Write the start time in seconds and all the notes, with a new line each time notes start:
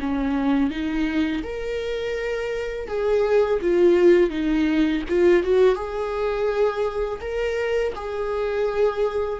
0.00 C#4
0.70 D#4
1.43 A#4
2.88 G#4
3.62 F4
4.30 D#4
5.09 F4
5.43 F#4
5.75 G#4
7.21 A#4
7.95 G#4